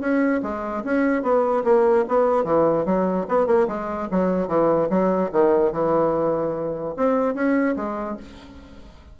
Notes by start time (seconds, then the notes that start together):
0.00 C#4
0.42 G#3
0.84 C#4
1.22 B3
1.64 A#3
2.08 B3
2.44 E3
2.85 F#3
3.28 B3
3.46 A#3
3.67 G#3
4.11 F#3
4.47 E3
4.90 F#3
5.32 D#3
5.72 E3
6.96 C4
7.34 C#4
7.76 G#3